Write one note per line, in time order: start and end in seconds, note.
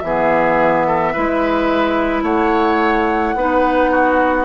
0.00 1.14 E3
0.00 1.15 B3
0.00 0.87 G#4
0.00 2.22 E5
0.87 1.13 A4
1.13 2.22 G#3
1.13 3.37 E4
1.13 2.23 B4
2.22 3.34 A3
2.22 3.34 C#5
2.22 4.45 F#5
3.35 4.45 B3
3.35 4.45 D#4
3.35 3.91 B4
3.91 4.45 F#4